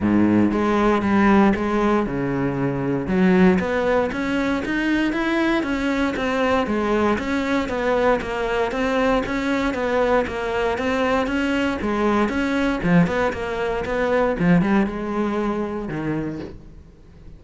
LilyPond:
\new Staff \with { instrumentName = "cello" } { \time 4/4 \tempo 4 = 117 gis,4 gis4 g4 gis4 | cis2 fis4 b4 | cis'4 dis'4 e'4 cis'4 | c'4 gis4 cis'4 b4 |
ais4 c'4 cis'4 b4 | ais4 c'4 cis'4 gis4 | cis'4 f8 b8 ais4 b4 | f8 g8 gis2 dis4 | }